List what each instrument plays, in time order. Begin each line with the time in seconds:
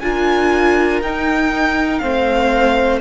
0.00 cello D4, viola F4, violin A#4 G#5
1.01 cello D#4, viola D#4, violin G5
1.99 cello A3, viola C4, violin C5 F5